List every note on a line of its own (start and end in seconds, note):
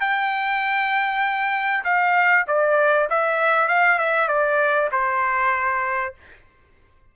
0.00 1.84 G5
1.84 2.45 F5
2.47 3.09 D5
3.10 3.68 E5
3.68 3.99 F5
3.99 4.28 E5
4.28 4.90 D5
4.92 6.14 C5